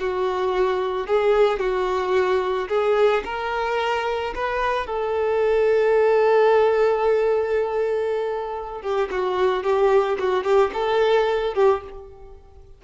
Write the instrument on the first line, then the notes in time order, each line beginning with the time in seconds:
violin
0.00 F#4
1.07 G#4
1.59 F#4
2.69 G#4
3.25 A#4
4.35 B4
4.87 A4
8.82 G4
9.11 F#4
9.64 G4
10.19 F#4
10.44 G4
10.74 A4
11.55 G4